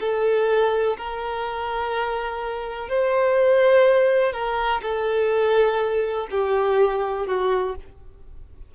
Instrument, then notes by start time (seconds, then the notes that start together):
violin
0.00 A4
0.97 A#4
2.89 C5
4.33 A#4
4.82 A4
6.31 G4
7.27 F#4